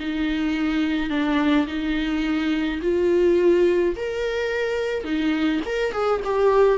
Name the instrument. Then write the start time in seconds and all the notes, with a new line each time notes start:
viola
0.00 D#4
1.10 D4
1.67 D#4
2.83 F4
3.97 A#4
5.04 D#4
5.66 A#4
5.93 G#4
6.25 G4